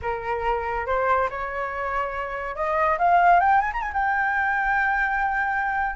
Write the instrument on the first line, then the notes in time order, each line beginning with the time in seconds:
flute
0.01 A#4
0.86 C5
1.30 C#5
2.55 D#5
2.98 F5
3.39 G5
3.60 G#5
3.73 A#5
3.81 G#5
3.93 G5